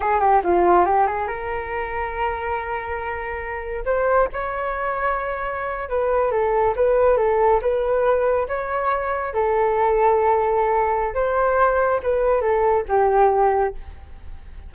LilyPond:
\new Staff \with { instrumentName = "flute" } { \time 4/4 \tempo 4 = 140 gis'8 g'8 f'4 g'8 gis'8 ais'4~ | ais'1~ | ais'4 c''4 cis''2~ | cis''4.~ cis''16 b'4 a'4 b'16~ |
b'8. a'4 b'2 cis''16~ | cis''4.~ cis''16 a'2~ a'16~ | a'2 c''2 | b'4 a'4 g'2 | }